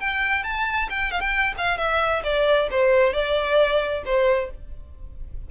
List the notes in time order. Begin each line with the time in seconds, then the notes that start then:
0.00 G5
0.44 A5
0.90 G5
1.11 F5
1.20 G5
1.58 F5
1.78 E5
2.24 D5
2.71 C5
3.13 D5
4.05 C5